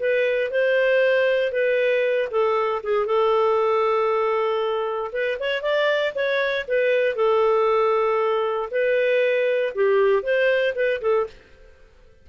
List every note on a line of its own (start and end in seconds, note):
0.00 0.51 B4
0.51 1.52 C5
1.52 2.29 B4
2.31 2.83 A4
2.83 3.06 G#4
3.06 5.11 A4
5.13 5.38 B4
5.40 5.62 C#5
5.62 6.14 D5
6.15 6.66 C#5
6.68 7.16 B4
7.16 8.70 A4
8.71 9.74 B4
9.75 10.23 G4
10.23 10.74 C5
10.75 11.01 B4
11.01 11.27 A4